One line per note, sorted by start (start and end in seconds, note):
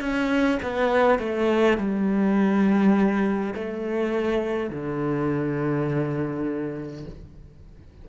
0.00 0.59 C#4
0.62 1.19 B3
1.19 1.78 A3
1.78 3.54 G3
3.55 4.70 A3
4.70 7.05 D3